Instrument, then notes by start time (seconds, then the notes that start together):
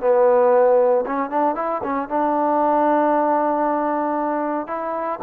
trombone
0.00 B3
1.06 C#4
1.30 D4
1.55 E4
1.83 C#4
2.08 D4
4.67 E4